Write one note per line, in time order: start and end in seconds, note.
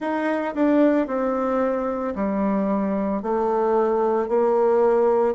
0.00 0.54 D#4
0.55 1.07 D4
1.07 2.14 C4
2.15 3.22 G3
3.22 4.28 A3
4.28 5.35 A#3